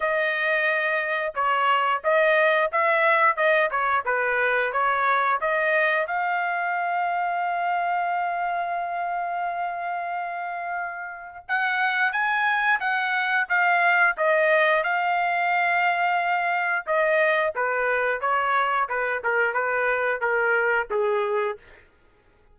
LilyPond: \new Staff \with { instrumentName = "trumpet" } { \time 4/4 \tempo 4 = 89 dis''2 cis''4 dis''4 | e''4 dis''8 cis''8 b'4 cis''4 | dis''4 f''2.~ | f''1~ |
f''4 fis''4 gis''4 fis''4 | f''4 dis''4 f''2~ | f''4 dis''4 b'4 cis''4 | b'8 ais'8 b'4 ais'4 gis'4 | }